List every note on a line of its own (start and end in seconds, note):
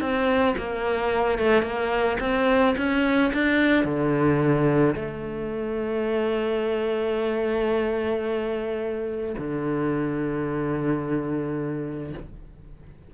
0.00 0.55 C4
0.57 1.38 A#3
1.38 1.62 A3
1.62 2.17 A#3
2.20 2.75 C4
2.77 3.32 C#4
3.34 3.84 D4
3.84 4.94 D3
4.95 9.35 A3
9.38 12.13 D3